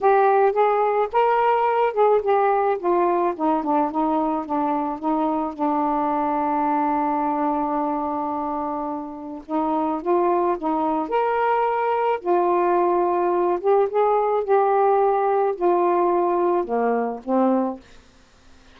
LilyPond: \new Staff \with { instrumentName = "saxophone" } { \time 4/4 \tempo 4 = 108 g'4 gis'4 ais'4. gis'8 | g'4 f'4 dis'8 d'8 dis'4 | d'4 dis'4 d'2~ | d'1~ |
d'4 dis'4 f'4 dis'4 | ais'2 f'2~ | f'8 g'8 gis'4 g'2 | f'2 ais4 c'4 | }